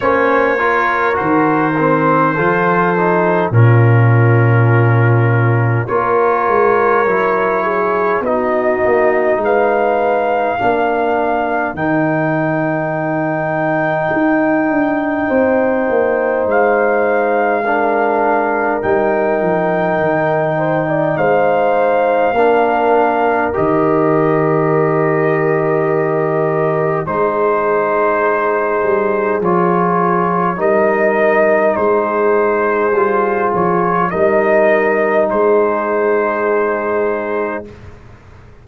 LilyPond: <<
  \new Staff \with { instrumentName = "trumpet" } { \time 4/4 \tempo 4 = 51 cis''4 c''2 ais'4~ | ais'4 cis''2 dis''4 | f''2 g''2~ | g''2 f''2 |
g''2 f''2 | dis''2. c''4~ | c''4 cis''4 dis''4 c''4~ | c''8 cis''8 dis''4 c''2 | }
  \new Staff \with { instrumentName = "horn" } { \time 4/4 c''8 ais'4. a'4 f'4~ | f'4 ais'4. gis'8 fis'4 | b'4 ais'2.~ | ais'4 c''2 ais'4~ |
ais'4. c''16 d''16 c''4 ais'4~ | ais'2. gis'4~ | gis'2 ais'4 gis'4~ | gis'4 ais'4 gis'2 | }
  \new Staff \with { instrumentName = "trombone" } { \time 4/4 cis'8 f'8 fis'8 c'8 f'8 dis'8 cis'4~ | cis'4 f'4 e'4 dis'4~ | dis'4 d'4 dis'2~ | dis'2. d'4 |
dis'2. d'4 | g'2. dis'4~ | dis'4 f'4 dis'2 | f'4 dis'2. | }
  \new Staff \with { instrumentName = "tuba" } { \time 4/4 ais4 dis4 f4 ais,4~ | ais,4 ais8 gis8 fis4 b8 ais8 | gis4 ais4 dis2 | dis'8 d'8 c'8 ais8 gis2 |
g8 f8 dis4 gis4 ais4 | dis2. gis4~ | gis8 g8 f4 g4 gis4 | g8 f8 g4 gis2 | }
>>